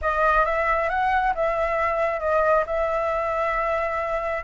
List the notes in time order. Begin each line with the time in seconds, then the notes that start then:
0.01 D#5
0.45 E5
0.89 F#5
1.35 E5
2.20 D#5
2.66 E5